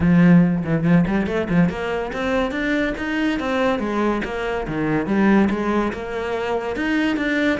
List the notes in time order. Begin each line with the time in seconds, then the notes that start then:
0.00 F3
0.64 E3
0.83 F3
1.07 G3
1.26 A3
1.49 F3
1.69 A#3
2.12 C4
2.51 D4
2.97 D#4
3.39 C4
3.79 G#3
4.24 A#3
4.67 D#3
5.06 G3
5.49 G#3
5.92 A#3
6.76 D#4
7.16 D4